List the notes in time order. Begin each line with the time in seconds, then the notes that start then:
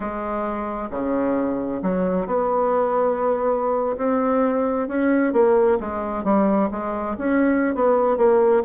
0.00 G#3
0.90 C#3
1.82 F#3
2.26 B3
3.97 C4
4.88 C#4
5.32 A#3
5.80 G#3
6.24 G3
6.71 G#3
7.18 C#4
7.75 B3
8.17 A#3